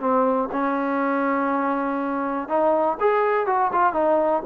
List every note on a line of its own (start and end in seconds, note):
0.00 0.49 C4
0.52 2.48 C#4
2.48 2.98 D#4
3.00 3.46 G#4
3.46 3.71 F#4
3.72 3.93 F4
3.93 4.42 D#4